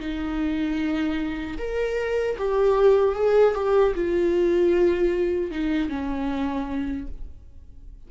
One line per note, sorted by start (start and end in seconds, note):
0.00 1.58 D#4
1.58 2.37 A#4
2.38 3.15 G4
3.15 3.55 G#4
3.55 3.94 G4
3.95 5.51 F4
5.51 5.89 D#4
5.89 7.08 C#4